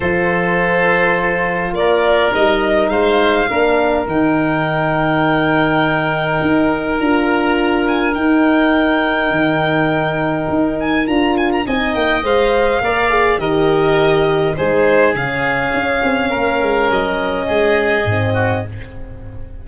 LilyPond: <<
  \new Staff \with { instrumentName = "violin" } { \time 4/4 \tempo 4 = 103 c''2. d''4 | dis''4 f''2 g''4~ | g''1 | ais''4. gis''8 g''2~ |
g''2~ g''8 gis''8 ais''8 gis''16 ais''16 | gis''8 g''8 f''2 dis''4~ | dis''4 c''4 f''2~ | f''4 dis''2. | }
  \new Staff \with { instrumentName = "oboe" } { \time 4/4 a'2. ais'4~ | ais'4 c''4 ais'2~ | ais'1~ | ais'1~ |
ais'1 | dis''2 d''4 ais'4~ | ais'4 gis'2. | ais'2 gis'4. fis'8 | }
  \new Staff \with { instrumentName = "horn" } { \time 4/4 f'1 | dis'2 d'4 dis'4~ | dis'1 | f'2 dis'2~ |
dis'2. f'4 | dis'4 c''4 ais'8 gis'8 g'4~ | g'4 dis'4 cis'2~ | cis'2. c'4 | }
  \new Staff \with { instrumentName = "tuba" } { \time 4/4 f2. ais4 | g4 gis4 ais4 dis4~ | dis2. dis'4 | d'2 dis'2 |
dis2 dis'4 d'4 | c'8 ais8 gis4 ais4 dis4~ | dis4 gis4 cis4 cis'8 c'8 | ais8 gis8 fis4 gis4 gis,4 | }
>>